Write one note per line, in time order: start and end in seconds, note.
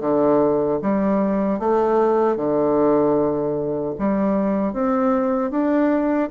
0.00 0.79 D3
0.82 1.59 G3
1.59 2.36 A3
2.36 3.94 D3
3.98 4.73 G3
4.73 5.50 C4
5.50 6.29 D4